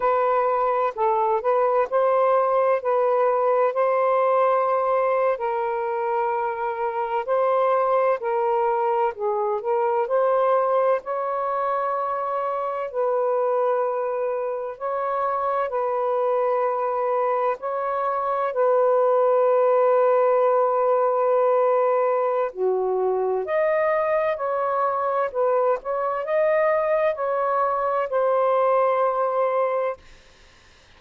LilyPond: \new Staff \with { instrumentName = "saxophone" } { \time 4/4 \tempo 4 = 64 b'4 a'8 b'8 c''4 b'4 | c''4.~ c''16 ais'2 c''16~ | c''8. ais'4 gis'8 ais'8 c''4 cis''16~ | cis''4.~ cis''16 b'2 cis''16~ |
cis''8. b'2 cis''4 b'16~ | b'1 | fis'4 dis''4 cis''4 b'8 cis''8 | dis''4 cis''4 c''2 | }